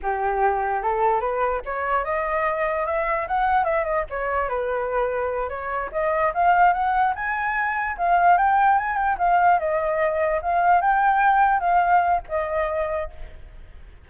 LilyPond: \new Staff \with { instrumentName = "flute" } { \time 4/4 \tempo 4 = 147 g'2 a'4 b'4 | cis''4 dis''2 e''4 | fis''4 e''8 dis''8 cis''4 b'4~ | b'4. cis''4 dis''4 f''8~ |
f''8 fis''4 gis''2 f''8~ | f''8 g''4 gis''8 g''8 f''4 dis''8~ | dis''4. f''4 g''4.~ | g''8 f''4. dis''2 | }